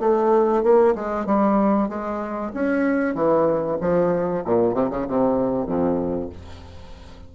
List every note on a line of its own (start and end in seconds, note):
0.00 0.63 A3
0.63 0.95 A#3
0.95 1.26 G#3
1.26 1.89 G3
1.89 2.52 G#3
2.54 3.14 C#4
3.14 3.78 E3
3.80 4.44 F3
4.45 4.74 A#2
4.74 4.90 C3
4.90 5.06 C#3
5.08 5.66 C3
5.66 6.29 F2